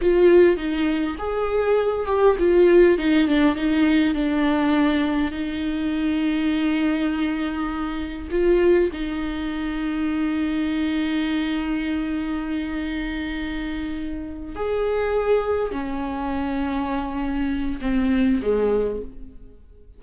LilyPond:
\new Staff \with { instrumentName = "viola" } { \time 4/4 \tempo 4 = 101 f'4 dis'4 gis'4. g'8 | f'4 dis'8 d'8 dis'4 d'4~ | d'4 dis'2.~ | dis'2 f'4 dis'4~ |
dis'1~ | dis'1~ | dis'8 gis'2 cis'4.~ | cis'2 c'4 gis4 | }